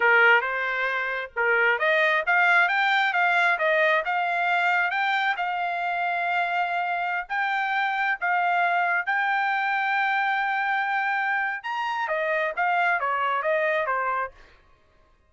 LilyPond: \new Staff \with { instrumentName = "trumpet" } { \time 4/4 \tempo 4 = 134 ais'4 c''2 ais'4 | dis''4 f''4 g''4 f''4 | dis''4 f''2 g''4 | f''1~ |
f''16 g''2 f''4.~ f''16~ | f''16 g''2.~ g''8.~ | g''2 ais''4 dis''4 | f''4 cis''4 dis''4 c''4 | }